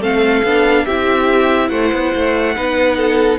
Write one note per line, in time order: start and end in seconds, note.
0.00 0.42 A3
0.00 0.43 C4
0.00 0.85 A4
0.00 0.86 F5
0.44 0.86 B3
0.44 0.89 D4
0.85 1.71 C4
0.85 2.55 E4
0.85 1.70 G4
0.85 1.69 E5
1.69 1.92 A3
1.69 2.55 C5
1.69 3.38 F#5
1.93 2.14 B3
2.15 2.57 A3
2.55 3.39 B3
2.55 3.39 D#4
2.55 2.97 B4
2.97 3.39 A4